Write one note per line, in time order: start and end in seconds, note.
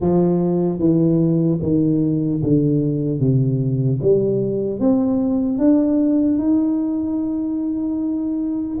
0.00 0.79 F3
0.79 1.59 E3
1.61 2.41 D#3
2.43 3.19 D3
3.19 3.99 C3
4.01 4.79 G3
4.79 5.58 C4
5.58 6.38 D4
6.38 8.78 D#4